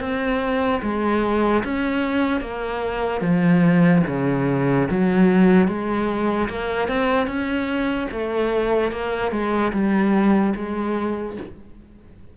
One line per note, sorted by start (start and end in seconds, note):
0.00 0.81 C4
0.82 1.63 G#3
1.64 2.41 C#4
2.41 3.21 A#3
3.21 4.02 F3
4.07 4.88 C#3
4.90 5.67 F#3
5.67 6.48 G#3
6.49 6.88 A#3
6.88 7.27 C4
7.27 8.08 C#4
8.11 8.91 A3
8.91 9.31 A#3
9.31 9.72 G#3
9.72 10.53 G3
10.56 11.37 G#3